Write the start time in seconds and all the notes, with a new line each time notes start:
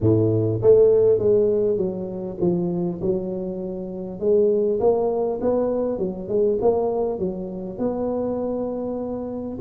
0.00 A2
0.62 A3
1.18 G#3
1.77 F#3
2.40 F3
3.01 F#3
4.19 G#3
4.80 A#3
5.41 B3
5.98 F#3
6.28 G#3
6.61 A#3
7.18 F#3
7.78 B3